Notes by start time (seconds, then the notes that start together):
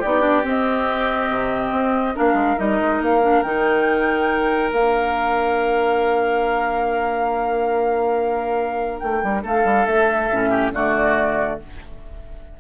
0.00 B3 D#4 G4 D5
0.21 D4
0.44 C4 D#5
1.30 C3
1.72 C4
2.15 A#3 D4 A#4 F5
2.34 G#3
2.58 G3 D#4 D#5
2.81 G#3
3.01 A#3 F5
3.23 D4
3.43 D#3 D#4 G5
4.73 A#3 D4 F5
8.99 A3 G5
9.23 G3
9.43 A3 A4 F5
9.64 G3
9.86 A3 E5
10.32 A2 C#4
10.50 G4
10.74 D3 A3 F#4 D5